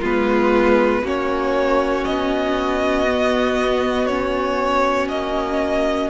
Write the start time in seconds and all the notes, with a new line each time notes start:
0.00 G#3 B3 F4 B4
1.03 A#3 C#4 F#4 C#5
2.04 B3 D#5
3.06 B3
4.06 C#4 C#5
5.08 A#3 D#5